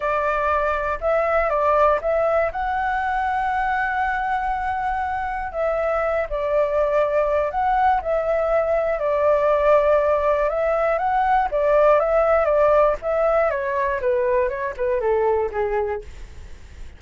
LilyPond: \new Staff \with { instrumentName = "flute" } { \time 4/4 \tempo 4 = 120 d''2 e''4 d''4 | e''4 fis''2.~ | fis''2. e''4~ | e''8 d''2~ d''8 fis''4 |
e''2 d''2~ | d''4 e''4 fis''4 d''4 | e''4 d''4 e''4 cis''4 | b'4 cis''8 b'8 a'4 gis'4 | }